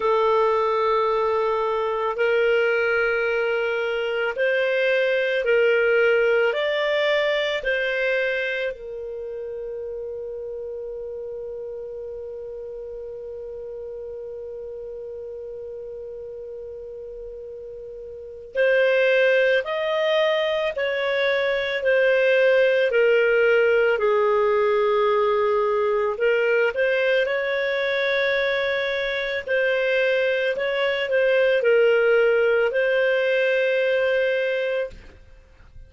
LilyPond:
\new Staff \with { instrumentName = "clarinet" } { \time 4/4 \tempo 4 = 55 a'2 ais'2 | c''4 ais'4 d''4 c''4 | ais'1~ | ais'1~ |
ais'4 c''4 dis''4 cis''4 | c''4 ais'4 gis'2 | ais'8 c''8 cis''2 c''4 | cis''8 c''8 ais'4 c''2 | }